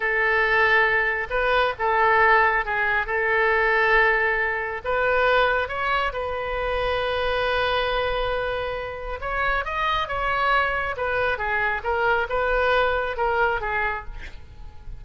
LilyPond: \new Staff \with { instrumentName = "oboe" } { \time 4/4 \tempo 4 = 137 a'2. b'4 | a'2 gis'4 a'4~ | a'2. b'4~ | b'4 cis''4 b'2~ |
b'1~ | b'4 cis''4 dis''4 cis''4~ | cis''4 b'4 gis'4 ais'4 | b'2 ais'4 gis'4 | }